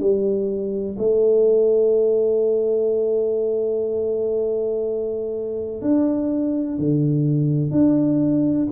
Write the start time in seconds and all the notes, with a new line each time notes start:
0.00 G3
0.99 A3
5.82 D4
6.78 D3
7.72 D4